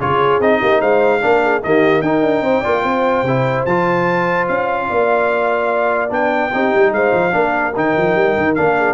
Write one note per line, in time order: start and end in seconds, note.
0.00 0.40 C#3
0.00 0.41 F4
0.00 0.60 G#4
0.00 0.41 C#5
0.40 0.61 C4
0.40 1.21 D#4
0.40 0.81 D#5
0.60 0.81 A#3
0.60 0.80 G4
0.80 1.22 G#3
0.80 1.21 C5
0.80 1.63 F5
1.21 1.64 A#3
1.21 1.61 D4
1.21 1.43 A#4
1.43 1.63 G#4
1.63 2.02 D#3
1.63 2.04 A#3
1.63 2.03 G4
1.63 2.02 D#5
2.02 2.22 D#4
2.02 2.64 D#4
2.02 2.43 A#4
2.02 3.65 G5
2.22 2.41 D4
2.41 2.62 C4
2.41 2.60 C5
2.60 2.84 A#3
2.60 3.25 F4
2.60 2.81 D5
2.83 3.23 C4
2.83 4.87 C5
3.23 3.64 C3
3.23 3.68 E4
3.65 4.48 F3
3.65 6.10 F4
3.65 4.47 A5
4.48 4.89 C#4
4.48 6.11 F5
4.89 6.10 A#3
4.89 6.52 D5
6.10 6.51 B3
6.10 6.50 D4
6.10 6.93 G5
6.53 6.74 C4
6.53 7.31 D#4
6.53 6.94 G4
6.75 6.92 G3
6.92 7.12 G#3
6.92 7.34 C5
6.92 7.75 F5
7.14 7.34 F3
7.31 7.76 A#3
7.31 7.72 D4
7.31 8.77 A#4
7.76 7.97 D#3
7.76 8.56 D#4
7.76 8.55 G5
7.97 8.15 F3
8.15 8.36 G3
8.37 8.58 D#3
8.55 8.94 A#3
8.55 8.94 D4
8.55 8.94 F5
8.77 8.94 G#4